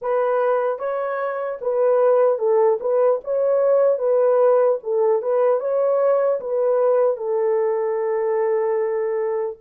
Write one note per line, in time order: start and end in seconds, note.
0.01 0.79 B4
0.79 1.59 C#5
1.61 2.38 B4
2.38 2.78 A4
2.80 3.20 B4
3.24 3.98 C#5
3.98 4.78 B4
4.83 5.21 A4
5.21 5.60 B4
5.60 6.40 C#5
6.40 7.16 B4
7.16 9.56 A4